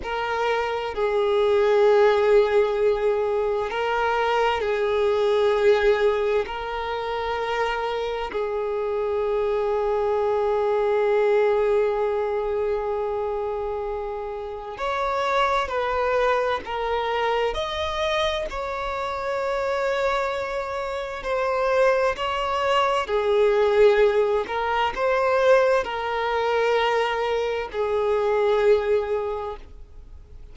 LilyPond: \new Staff \with { instrumentName = "violin" } { \time 4/4 \tempo 4 = 65 ais'4 gis'2. | ais'4 gis'2 ais'4~ | ais'4 gis'2.~ | gis'1 |
cis''4 b'4 ais'4 dis''4 | cis''2. c''4 | cis''4 gis'4. ais'8 c''4 | ais'2 gis'2 | }